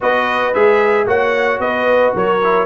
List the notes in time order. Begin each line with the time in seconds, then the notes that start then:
0.00 B3 F#4 B4 D#5
0.54 G#3 G#4 E5
1.06 A#3 F#4 C#5 F#5
1.59 B3 B4 D#5
2.14 F#3 A#4 C#5
2.43 E4